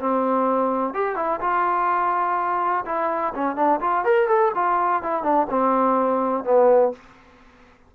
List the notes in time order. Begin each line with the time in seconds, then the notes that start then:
0.00 C4
0.94 G4
1.17 E4
1.41 F4
2.86 E4
3.35 C#4
3.56 D4
3.81 F4
4.05 A#4
4.28 A4
4.55 F4
5.03 E4
5.24 D4
5.50 C4
6.45 B3